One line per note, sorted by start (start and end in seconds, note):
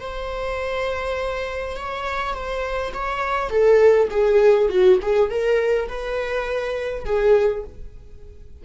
0.00 1.76 C5
1.76 2.33 C#5
2.33 2.92 C5
2.94 3.50 C#5
3.50 4.09 A4
4.10 4.69 G#4
4.69 4.98 F#4
5.02 5.30 G#4
5.30 5.88 A#4
5.88 7.05 B4
7.05 7.64 G#4